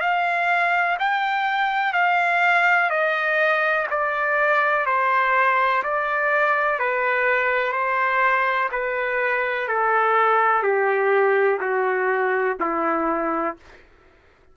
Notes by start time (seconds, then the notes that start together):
0.00 F5
0.99 G5
1.93 F5
2.89 D#5
3.90 D5
4.86 C5
5.83 D5
6.79 B4
7.72 C5
8.71 B4
9.68 A4
10.62 G4
11.60 F#4
12.59 E4